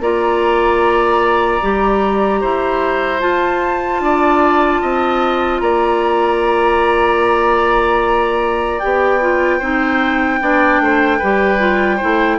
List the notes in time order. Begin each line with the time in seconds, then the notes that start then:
0.00 A#3 F4 D5 A#5
1.62 G3 G4
2.41 E4 C5
3.20 F4 A5
4.00 D4 D5
4.82 C4 D#5
5.60 A#3 D5 A#5
8.79 B3 G4 G5
9.21 F4
9.59 C4 D#4 C5
10.41 B3 D4 D5
10.80 A3 C5
11.18 G3 G4 B4
11.59 F4
11.97 E4 C5
12.03 A3